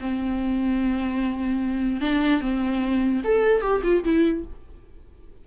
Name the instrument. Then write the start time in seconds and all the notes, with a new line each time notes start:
viola
0.00 C4
2.01 D4
2.40 C4
3.24 A4
3.61 G4
3.83 F4
4.04 E4